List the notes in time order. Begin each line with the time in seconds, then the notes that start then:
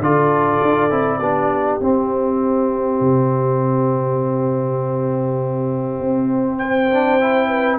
0.00 D3 F4 A4 D5
0.62 D4
0.91 C4 E4
1.19 B3 D4 G4
1.79 C4 E5
3.01 C3
6.00 C4
6.59 C5 G5
6.91 D4
7.21 E4
7.49 B4